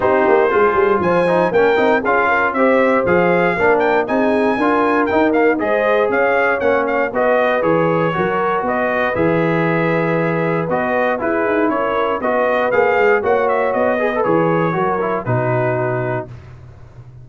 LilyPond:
<<
  \new Staff \with { instrumentName = "trumpet" } { \time 4/4 \tempo 4 = 118 c''2 gis''4 g''4 | f''4 e''4 f''4. g''8 | gis''2 g''8 f''8 dis''4 | f''4 fis''8 f''8 dis''4 cis''4~ |
cis''4 dis''4 e''2~ | e''4 dis''4 b'4 cis''4 | dis''4 f''4 fis''8 e''8 dis''4 | cis''2 b'2 | }
  \new Staff \with { instrumentName = "horn" } { \time 4/4 g'4 gis'4 c''4 ais'4 | gis'8 ais'8 c''2 ais'4 | gis'4 ais'2 c''4 | cis''2 b'2 |
ais'4 b'2.~ | b'2 gis'4 ais'4 | b'2 cis''4. b'8~ | b'4 ais'4 fis'2 | }
  \new Staff \with { instrumentName = "trombone" } { \time 4/4 dis'4 f'4. dis'8 cis'8 dis'8 | f'4 g'4 gis'4 d'4 | dis'4 f'4 dis'8 ais8 gis'4~ | gis'4 cis'4 fis'4 gis'4 |
fis'2 gis'2~ | gis'4 fis'4 e'2 | fis'4 gis'4 fis'4. gis'16 a'16 | gis'4 fis'8 e'8 dis'2 | }
  \new Staff \with { instrumentName = "tuba" } { \time 4/4 c'8 ais8 gis8 g8 f4 ais8 c'8 | cis'4 c'4 f4 ais4 | c'4 d'4 dis'4 gis4 | cis'4 ais4 b4 e4 |
fis4 b4 e2~ | e4 b4 e'8 dis'8 cis'4 | b4 ais8 gis8 ais4 b4 | e4 fis4 b,2 | }
>>